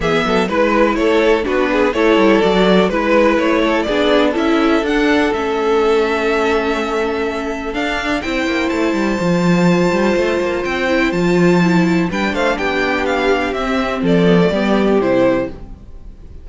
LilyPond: <<
  \new Staff \with { instrumentName = "violin" } { \time 4/4 \tempo 4 = 124 e''4 b'4 cis''4 b'4 | cis''4 d''4 b'4 cis''4 | d''4 e''4 fis''4 e''4~ | e''1 |
f''4 g''4 a''2~ | a''2 g''4 a''4~ | a''4 g''8 f''8 g''4 f''4 | e''4 d''2 c''4 | }
  \new Staff \with { instrumentName = "violin" } { \time 4/4 gis'8 a'8 b'4 a'4 fis'8 gis'8 | a'2 b'4. a'8 | gis'4 a'2.~ | a'1~ |
a'4 c''2.~ | c''1~ | c''4 b'8 c''8 g'2~ | g'4 a'4 g'2 | }
  \new Staff \with { instrumentName = "viola" } { \time 4/4 b4 e'2 d'4 | e'4 fis'4 e'2 | d'4 e'4 d'4 cis'4~ | cis'1 |
d'4 e'2 f'4~ | f'2~ f'8 e'8 f'4 | e'4 d'2. | c'4. b16 a16 b4 e'4 | }
  \new Staff \with { instrumentName = "cello" } { \time 4/4 e8 fis8 gis4 a4 b4 | a8 g8 fis4 gis4 a4 | b4 cis'4 d'4 a4~ | a1 |
d'4 c'8 ais8 a8 g8 f4~ | f8 g8 a8 ais8 c'4 f4~ | f4 g8 a8 b2 | c'4 f4 g4 c4 | }
>>